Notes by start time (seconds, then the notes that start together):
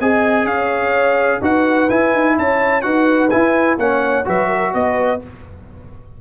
0.00 C4 G#4 D#5 G#5
0.45 C#4 C#5 F5
1.41 D#4 F#4 B4 F#5
1.90 E4 G#5
2.14 D#4
2.37 C#4 C#5 A5
2.82 D#4 F#4 B4 F#5
3.30 E4 G#5
3.78 A#3 C#4 C#5 F#5
4.25 F#3 F#4 B4 E5
4.48 A#4
4.74 B3 B4 D#5